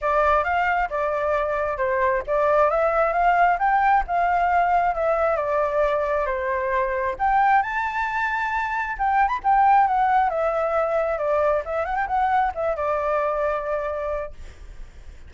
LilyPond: \new Staff \with { instrumentName = "flute" } { \time 4/4 \tempo 4 = 134 d''4 f''4 d''2 | c''4 d''4 e''4 f''4 | g''4 f''2 e''4 | d''2 c''2 |
g''4 a''2. | g''8. b''16 g''4 fis''4 e''4~ | e''4 d''4 e''8 fis''16 g''16 fis''4 | e''8 d''2.~ d''8 | }